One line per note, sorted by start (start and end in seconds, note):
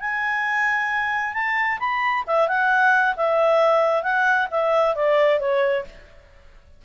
0.00 1.34 G#5
1.34 1.78 A5
1.80 2.24 B5
2.27 2.48 E5
2.48 3.15 F#5
3.16 4.02 E5
4.02 4.47 F#5
4.50 4.95 E5
4.95 5.39 D5
5.39 5.84 C#5